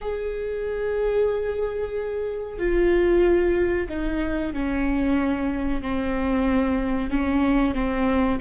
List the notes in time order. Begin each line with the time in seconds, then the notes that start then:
0.01 G#4
2.58 F4
3.88 D#4
4.53 C#4
5.82 C4
7.10 C#4
7.74 C4